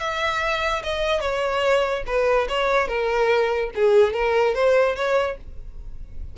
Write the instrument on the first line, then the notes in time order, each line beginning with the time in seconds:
violin
0.00 E5
0.84 D#5
1.21 C#5
2.07 B4
2.49 C#5
2.88 A#4
3.75 G#4
4.14 A#4
4.55 C5
4.96 C#5